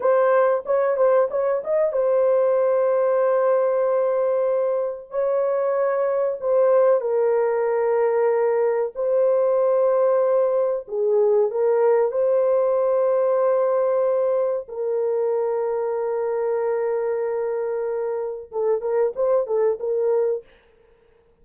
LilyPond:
\new Staff \with { instrumentName = "horn" } { \time 4/4 \tempo 4 = 94 c''4 cis''8 c''8 cis''8 dis''8 c''4~ | c''1 | cis''2 c''4 ais'4~ | ais'2 c''2~ |
c''4 gis'4 ais'4 c''4~ | c''2. ais'4~ | ais'1~ | ais'4 a'8 ais'8 c''8 a'8 ais'4 | }